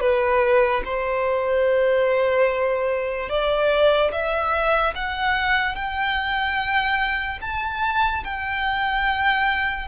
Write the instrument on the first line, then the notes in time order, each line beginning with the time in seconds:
violin
0.00 B4
0.84 C5
3.29 D5
4.11 E5
4.95 F#5
5.75 G5
7.41 A5
8.23 G5